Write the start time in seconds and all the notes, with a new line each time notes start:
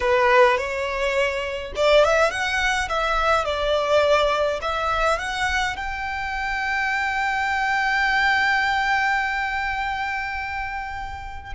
0.00 B4
0.57 C#5
1.75 D5
2.04 E5
2.31 F#5
2.88 E5
3.44 D5
4.61 E5
5.18 F#5
5.76 G5